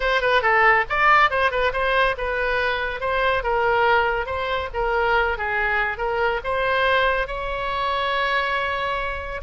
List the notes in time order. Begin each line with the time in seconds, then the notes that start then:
0.00 C5
0.21 B4
0.42 A4
0.89 D5
1.30 C5
1.51 B4
1.73 C5
2.17 B4
3.00 C5
3.43 A#4
4.26 C5
4.73 A#4
5.37 G#4
5.97 A#4
6.44 C5
7.27 C#5